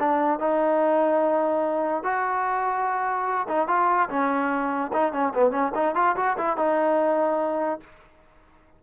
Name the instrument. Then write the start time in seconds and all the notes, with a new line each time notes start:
trombone
0.00 D4
0.40 D#4
2.04 F#4
3.49 D#4
3.68 F4
4.10 C#4
4.94 D#4
5.13 C#4
5.35 B3
5.52 C#4
5.75 D#4
5.96 F4
6.17 F#4
6.38 E4
6.58 D#4